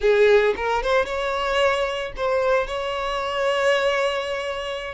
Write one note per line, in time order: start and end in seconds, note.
0.00 0.54 G#4
0.56 0.82 A#4
0.82 1.05 C5
1.05 2.13 C#5
2.16 2.67 C5
2.67 4.94 C#5